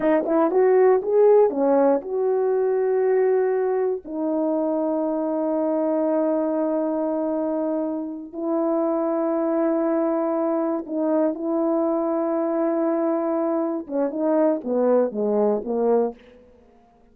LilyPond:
\new Staff \with { instrumentName = "horn" } { \time 4/4 \tempo 4 = 119 dis'8 e'8 fis'4 gis'4 cis'4 | fis'1 | dis'1~ | dis'1~ |
dis'8 e'2.~ e'8~ | e'4. dis'4 e'4.~ | e'2.~ e'8 cis'8 | dis'4 b4 gis4 ais4 | }